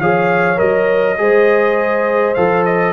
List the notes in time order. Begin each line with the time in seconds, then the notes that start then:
0.00 F3 G#4 C#5 F5
0.57 F#3 A#4 D#5
1.18 G#3 G#4 C5
2.35 F3 A4 F5
2.66 D#5